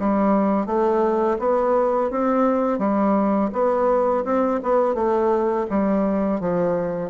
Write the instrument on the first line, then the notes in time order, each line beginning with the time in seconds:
bassoon
0.00 G3
0.67 A3
1.39 B3
2.11 C4
2.79 G3
3.53 B3
4.25 C4
4.64 B3
4.95 A3
5.70 G3
6.41 F3